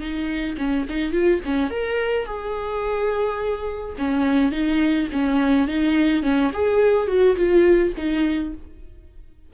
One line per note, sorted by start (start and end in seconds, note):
0.00 0.57 D#4
0.58 0.86 C#4
0.89 1.13 D#4
1.13 1.41 F4
1.45 1.71 C#4
1.71 2.26 A#4
2.26 3.96 G#4
3.99 4.52 C#4
4.52 5.09 D#4
5.13 5.68 C#4
5.68 6.23 D#4
6.23 6.51 C#4
6.54 7.08 G#4
7.08 7.36 F#4
7.37 7.93 F4
7.97 8.54 D#4